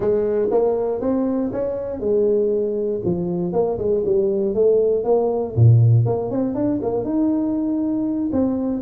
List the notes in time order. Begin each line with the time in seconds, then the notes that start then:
0.00 G#3
0.50 A#3
1.01 C4
1.52 C#4
2.00 G#3
3.04 F3
3.52 A#3
3.78 G#3
4.05 G3
4.54 A3
5.04 A#3
5.55 A#2
6.05 A#3
6.30 C4
6.54 D4
6.82 A#3
7.04 D#4
8.32 C4